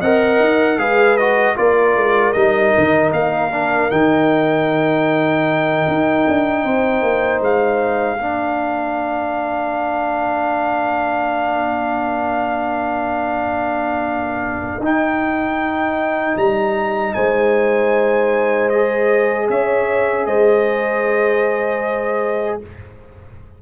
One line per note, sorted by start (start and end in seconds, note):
0.00 0.40 C4
0.00 0.79 A#4
0.00 0.78 D#5
0.00 0.79 F#5
0.40 0.78 D#4
0.78 1.56 G#3
0.78 1.18 G#4
0.78 1.58 B4
0.78 1.17 F5
1.17 1.56 F#4
1.17 1.56 D#5
1.56 1.96 A#3
1.56 2.34 F4
1.56 6.65 A#4
1.56 2.33 D5
1.96 2.35 G#3
2.33 2.75 G3
2.33 3.51 D#4
2.33 3.11 D#5
2.78 3.13 D#3
3.13 3.91 A#3
3.13 3.91 F5
3.51 3.90 D4
3.90 5.87 D#3
3.90 8.19 D#4
3.90 7.42 G5
5.88 6.27 D#4
6.28 6.65 D4
6.65 7.03 C4
6.65 8.19 C5
7.03 7.41 A#3
7.41 8.18 G#3
7.41 14.84 F5
8.18 14.80 A#3
8.18 14.81 D4
8.18 17.15 A#4
14.80 16.36 D#4
14.80 18.73 D#4
14.80 16.37 G5
16.37 17.15 G3
16.37 17.14 A#5
17.14 19.50 G#3
17.14 19.49 C5
17.14 18.70 G#5
18.70 22.62 G#4
18.70 19.48 D#5
19.50 20.26 C#4
19.50 20.27 C#5
19.50 20.26 E5
20.26 22.60 G#3
20.26 22.61 C5
20.26 22.60 D#5